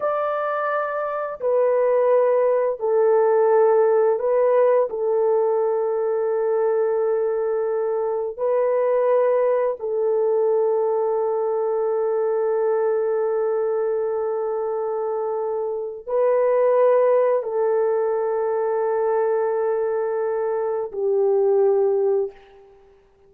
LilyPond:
\new Staff \with { instrumentName = "horn" } { \time 4/4 \tempo 4 = 86 d''2 b'2 | a'2 b'4 a'4~ | a'1 | b'2 a'2~ |
a'1~ | a'2. b'4~ | b'4 a'2.~ | a'2 g'2 | }